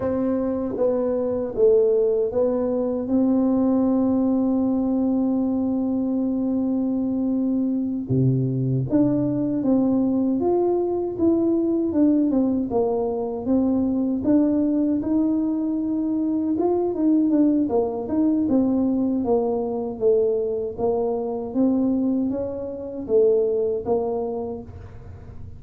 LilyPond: \new Staff \with { instrumentName = "tuba" } { \time 4/4 \tempo 4 = 78 c'4 b4 a4 b4 | c'1~ | c'2~ c'8 c4 d'8~ | d'8 c'4 f'4 e'4 d'8 |
c'8 ais4 c'4 d'4 dis'8~ | dis'4. f'8 dis'8 d'8 ais8 dis'8 | c'4 ais4 a4 ais4 | c'4 cis'4 a4 ais4 | }